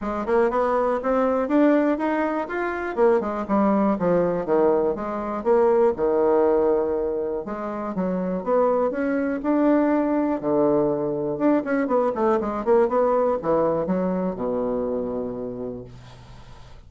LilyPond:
\new Staff \with { instrumentName = "bassoon" } { \time 4/4 \tempo 4 = 121 gis8 ais8 b4 c'4 d'4 | dis'4 f'4 ais8 gis8 g4 | f4 dis4 gis4 ais4 | dis2. gis4 |
fis4 b4 cis'4 d'4~ | d'4 d2 d'8 cis'8 | b8 a8 gis8 ais8 b4 e4 | fis4 b,2. | }